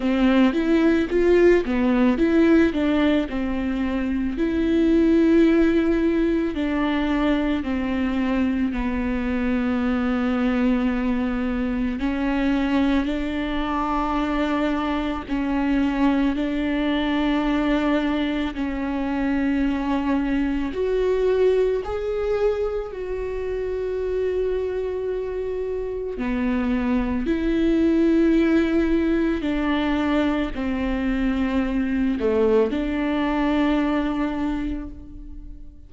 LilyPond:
\new Staff \with { instrumentName = "viola" } { \time 4/4 \tempo 4 = 55 c'8 e'8 f'8 b8 e'8 d'8 c'4 | e'2 d'4 c'4 | b2. cis'4 | d'2 cis'4 d'4~ |
d'4 cis'2 fis'4 | gis'4 fis'2. | b4 e'2 d'4 | c'4. a8 d'2 | }